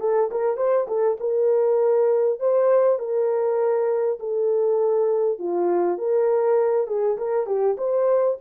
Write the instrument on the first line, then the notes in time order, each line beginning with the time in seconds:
horn
0.00 A4
0.31 A#4
0.57 C5
0.88 A4
1.20 A#4
2.40 C5
2.99 A#4
4.19 A4
5.39 F4
5.98 A#4
6.87 G#4
7.17 A#4
7.46 G4
7.78 C5